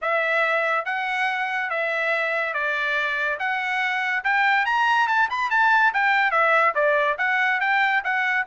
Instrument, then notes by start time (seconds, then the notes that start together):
trumpet
0.01 E5
0.85 F#5
1.69 E5
2.53 D5
3.39 F#5
4.23 G5
4.65 A#5
5.07 A5
5.29 B5
5.50 A5
5.93 G5
6.31 E5
6.74 D5
7.18 F#5
7.60 G5
8.04 F#5